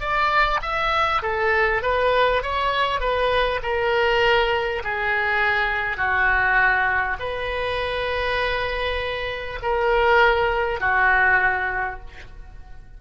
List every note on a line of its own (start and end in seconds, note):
0.00 0.60 D5
0.61 1.21 E5
1.22 1.82 A4
1.82 2.42 B4
2.42 3.00 C#5
3.00 3.60 B4
3.62 4.82 A#4
4.84 5.97 G#4
5.97 7.17 F#4
7.19 9.59 B4
9.62 10.80 A#4
10.80 12.00 F#4